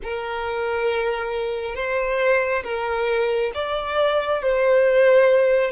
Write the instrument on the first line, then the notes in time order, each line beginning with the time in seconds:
violin
0.03 A#4
1.74 C5
2.63 A#4
3.54 D5
4.42 C5